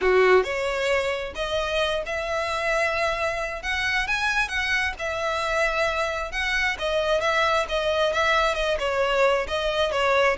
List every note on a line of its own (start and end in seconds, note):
0.01 0.43 F#4
0.43 1.33 C#5
1.35 2.03 D#5
2.06 3.62 E5
3.62 4.07 F#5
4.07 4.48 G#5
4.48 4.93 F#5
4.98 6.31 E5
6.31 6.76 F#5
6.78 7.20 D#5
7.20 7.65 E5
7.69 8.12 D#5
8.12 8.54 E5
8.54 8.77 D#5
8.79 9.47 C#5
9.47 9.91 D#5
9.91 10.36 C#5